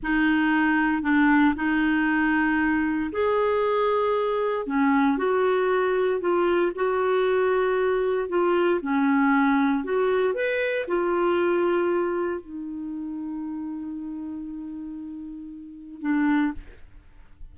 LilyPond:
\new Staff \with { instrumentName = "clarinet" } { \time 4/4 \tempo 4 = 116 dis'2 d'4 dis'4~ | dis'2 gis'2~ | gis'4 cis'4 fis'2 | f'4 fis'2. |
f'4 cis'2 fis'4 | b'4 f'2. | dis'1~ | dis'2. d'4 | }